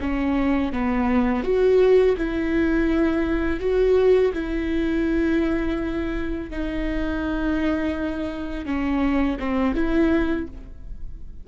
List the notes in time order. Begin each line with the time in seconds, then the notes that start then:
0.00 C#4
0.72 B3
1.43 F#4
2.17 E4
3.59 F#4
4.33 E4
6.50 D#4
8.65 C#4
9.39 C4
9.74 E4